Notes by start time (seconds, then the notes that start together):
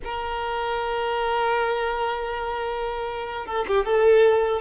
0.04 A#4
3.46 A4
3.67 G4
3.85 A4